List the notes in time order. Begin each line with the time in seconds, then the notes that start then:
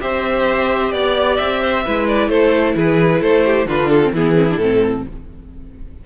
0.00 C4 G4 C5 E5
0.91 B3 D5
1.36 C4 E5
1.61 C5
1.84 G#3 E4 B4
2.07 D5
2.28 A3 A4 C5
2.75 E3 G#4 B4
3.21 A3 A4 C5
3.45 G4
3.66 D3 D4 F4 B4
3.89 A4
4.02 C4
4.12 E3 B3 E4 G#4
4.35 C4
4.50 A2 D4
4.57 C4 A4